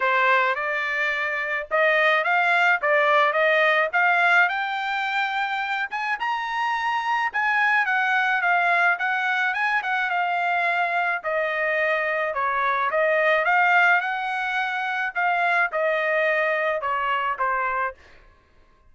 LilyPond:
\new Staff \with { instrumentName = "trumpet" } { \time 4/4 \tempo 4 = 107 c''4 d''2 dis''4 | f''4 d''4 dis''4 f''4 | g''2~ g''8 gis''8 ais''4~ | ais''4 gis''4 fis''4 f''4 |
fis''4 gis''8 fis''8 f''2 | dis''2 cis''4 dis''4 | f''4 fis''2 f''4 | dis''2 cis''4 c''4 | }